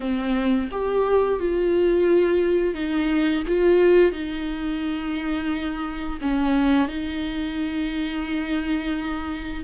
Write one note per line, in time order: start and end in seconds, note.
0.00 0.69 C4
0.71 1.39 G4
1.39 2.74 F4
2.74 3.43 D#4
3.47 4.12 F4
4.12 6.18 D#4
6.21 6.87 C#4
6.87 9.63 D#4